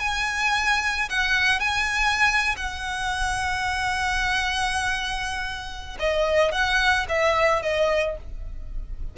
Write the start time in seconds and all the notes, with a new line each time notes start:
0.00 G#5
1.10 F#5
1.60 G#5
2.57 F#5
6.00 D#5
6.52 F#5
7.09 E5
7.62 D#5